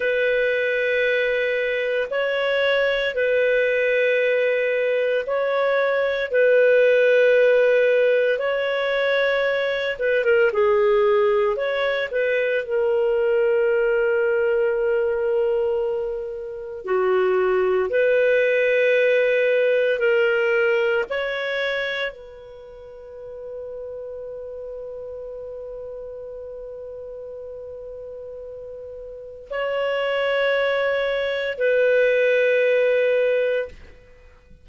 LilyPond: \new Staff \with { instrumentName = "clarinet" } { \time 4/4 \tempo 4 = 57 b'2 cis''4 b'4~ | b'4 cis''4 b'2 | cis''4. b'16 ais'16 gis'4 cis''8 b'8 | ais'1 |
fis'4 b'2 ais'4 | cis''4 b'2.~ | b'1 | cis''2 b'2 | }